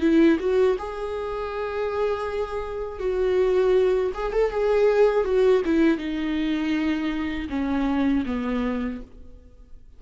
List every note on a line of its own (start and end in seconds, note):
0.00 0.38 E4
0.39 0.77 F#4
0.79 2.99 G#4
2.99 4.12 F#4
4.14 4.33 G#4
4.33 4.51 A4
4.51 5.25 G#4
5.25 5.62 F#4
5.65 5.98 E4
5.98 7.48 D#4
7.49 8.24 C#4
8.26 9.01 B3